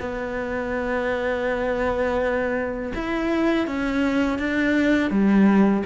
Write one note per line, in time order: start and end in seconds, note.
0.00 2.93 B3
2.95 3.67 E4
3.67 4.39 C#4
4.39 5.11 D4
5.11 5.84 G3